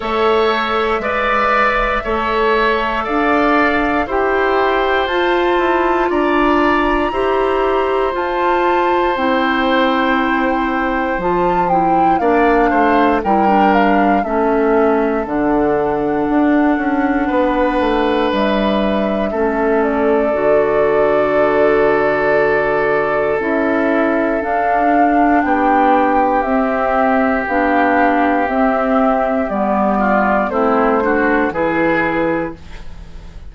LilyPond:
<<
  \new Staff \with { instrumentName = "flute" } { \time 4/4 \tempo 4 = 59 e''2. f''4 | g''4 a''4 ais''2 | a''4 g''2 a''8 g''8 | f''4 g''8 f''8 e''4 fis''4~ |
fis''2 e''4. d''8~ | d''2. e''4 | f''4 g''4 e''4 f''4 | e''4 d''4 c''4 b'4 | }
  \new Staff \with { instrumentName = "oboe" } { \time 4/4 cis''4 d''4 cis''4 d''4 | c''2 d''4 c''4~ | c''1 | d''8 c''8 ais'4 a'2~ |
a'4 b'2 a'4~ | a'1~ | a'4 g'2.~ | g'4. f'8 e'8 fis'8 gis'4 | }
  \new Staff \with { instrumentName = "clarinet" } { \time 4/4 a'4 b'4 a'2 | g'4 f'2 g'4 | f'4 e'2 f'8 e'8 | d'4 e'16 d'8. cis'4 d'4~ |
d'2. cis'4 | fis'2. e'4 | d'2 c'4 d'4 | c'4 b4 c'8 d'8 e'4 | }
  \new Staff \with { instrumentName = "bassoon" } { \time 4/4 a4 gis4 a4 d'4 | e'4 f'8 e'8 d'4 e'4 | f'4 c'2 f4 | ais8 a8 g4 a4 d4 |
d'8 cis'8 b8 a8 g4 a4 | d2. cis'4 | d'4 b4 c'4 b4 | c'4 g4 a4 e4 | }
>>